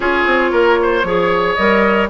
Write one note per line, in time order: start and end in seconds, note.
0.00 0.24 C#4
0.00 1.03 F4
0.00 0.51 G#4
0.00 1.54 C#5
0.26 0.52 C4
0.52 1.03 A#3
0.52 0.78 A#4
0.82 1.06 C5
1.03 1.55 F3
1.03 1.57 G#4
1.03 2.09 C#5
1.54 2.09 G3
1.54 2.09 A#4
1.54 2.06 D#5